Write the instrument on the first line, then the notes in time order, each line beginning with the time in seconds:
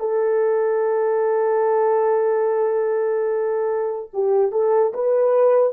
horn
0.00 A4
4.13 G4
4.52 A4
4.94 B4